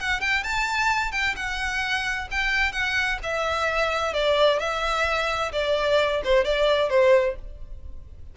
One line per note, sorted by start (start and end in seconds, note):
0.00 0.20 F#5
0.20 0.43 G5
0.43 1.11 A5
1.11 1.34 G5
1.36 2.28 F#5
2.31 2.72 G5
2.72 3.18 F#5
3.23 4.13 E5
4.13 4.59 D5
4.59 5.51 E5
5.52 6.21 D5
6.24 6.44 C5
6.44 6.89 D5
6.89 7.35 C5